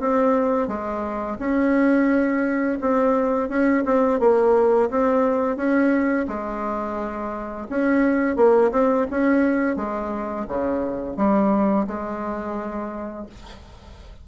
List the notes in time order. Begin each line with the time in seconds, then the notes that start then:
0.00 C4
0.68 G#3
1.39 C#4
2.81 C4
3.49 C#4
3.86 C4
4.20 A#3
4.90 C4
5.57 C#4
6.28 G#3
7.70 C#4
8.36 A#3
8.72 C4
9.11 C#4
9.77 G#3
10.48 C#3
11.17 G3
11.87 G#3